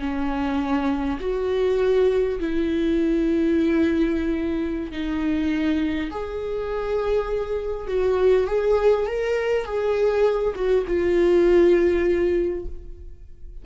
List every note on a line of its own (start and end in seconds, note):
0.00 1.19 C#4
1.20 2.39 F#4
2.40 4.92 E4
4.92 6.11 D#4
6.11 7.88 G#4
7.88 8.47 F#4
8.47 9.07 G#4
9.07 9.65 A#4
9.65 10.54 G#4
10.55 10.85 F#4
10.87 12.66 F4